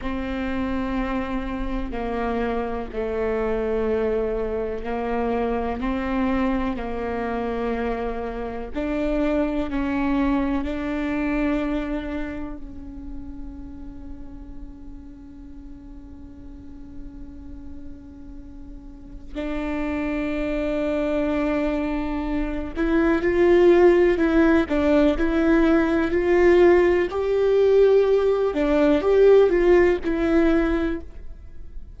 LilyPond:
\new Staff \with { instrumentName = "viola" } { \time 4/4 \tempo 4 = 62 c'2 ais4 a4~ | a4 ais4 c'4 ais4~ | ais4 d'4 cis'4 d'4~ | d'4 cis'2.~ |
cis'1 | d'2.~ d'8 e'8 | f'4 e'8 d'8 e'4 f'4 | g'4. d'8 g'8 f'8 e'4 | }